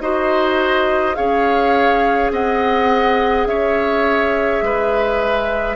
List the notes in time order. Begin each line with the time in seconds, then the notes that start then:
0.00 D#4 F#4 C5 D#5
1.14 C#4 G#4 C#5 F5
2.31 C4 D#5 F#5
3.46 C#4 C#5 E5
4.62 G#3 B4